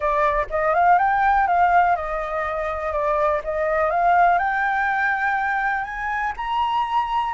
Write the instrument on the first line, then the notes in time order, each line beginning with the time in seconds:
flute
0.00 D5
0.50 D#5
0.73 F5
0.98 G5
1.47 F5
1.95 D#5
2.92 D5
3.44 D#5
3.90 F5
4.38 G5
5.84 G#5
6.36 A#5